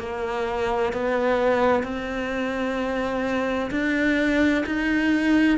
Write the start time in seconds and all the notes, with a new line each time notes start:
0.00 A#3
0.93 B3
1.84 C4
3.71 D4
4.66 D#4